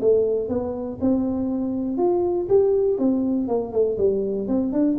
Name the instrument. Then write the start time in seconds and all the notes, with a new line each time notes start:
tuba
0.00 A3
0.48 B3
1.01 C4
1.97 F4
2.49 G4
2.98 C4
3.47 A#3
3.72 A3
3.97 G3
4.47 C4
4.72 D4